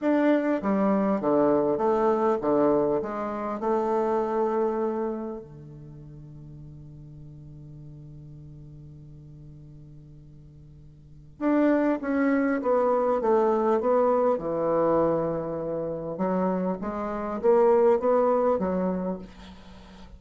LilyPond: \new Staff \with { instrumentName = "bassoon" } { \time 4/4 \tempo 4 = 100 d'4 g4 d4 a4 | d4 gis4 a2~ | a4 d2.~ | d1~ |
d2. d'4 | cis'4 b4 a4 b4 | e2. fis4 | gis4 ais4 b4 fis4 | }